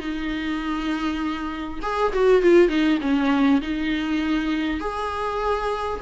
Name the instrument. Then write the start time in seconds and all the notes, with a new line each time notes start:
viola
0.00 D#4
1.83 G#4
2.13 F#4
2.42 F4
2.69 D#4
3.01 C#4
3.62 D#4
4.81 G#4